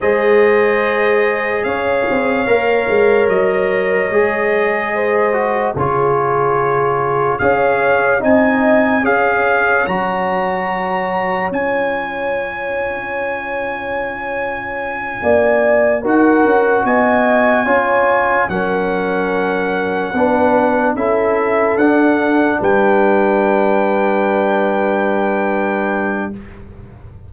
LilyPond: <<
  \new Staff \with { instrumentName = "trumpet" } { \time 4/4 \tempo 4 = 73 dis''2 f''2 | dis''2. cis''4~ | cis''4 f''4 gis''4 f''4 | ais''2 gis''2~ |
gis''2.~ gis''8 fis''8~ | fis''8 gis''2 fis''4.~ | fis''4. e''4 fis''4 g''8~ | g''1 | }
  \new Staff \with { instrumentName = "horn" } { \time 4/4 c''2 cis''2~ | cis''2 c''4 gis'4~ | gis'4 cis''4 dis''4 cis''4~ | cis''1~ |
cis''2~ cis''8 d''4 ais'8~ | ais'8 dis''4 cis''4 ais'4.~ | ais'8 b'4 a'2 b'8~ | b'1 | }
  \new Staff \with { instrumentName = "trombone" } { \time 4/4 gis'2. ais'4~ | ais'4 gis'4. fis'8 f'4~ | f'4 gis'4 dis'4 gis'4 | fis'2 f'2~ |
f'2.~ f'8 fis'8~ | fis'4. f'4 cis'4.~ | cis'8 d'4 e'4 d'4.~ | d'1 | }
  \new Staff \with { instrumentName = "tuba" } { \time 4/4 gis2 cis'8 c'8 ais8 gis8 | fis4 gis2 cis4~ | cis4 cis'4 c'4 cis'4 | fis2 cis'2~ |
cis'2~ cis'8 ais4 dis'8 | cis'8 b4 cis'4 fis4.~ | fis8 b4 cis'4 d'4 g8~ | g1 | }
>>